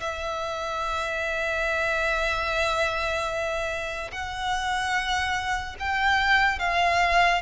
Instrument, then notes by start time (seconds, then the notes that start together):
violin
0.00 E5
4.12 F#5
5.79 G5
6.59 F5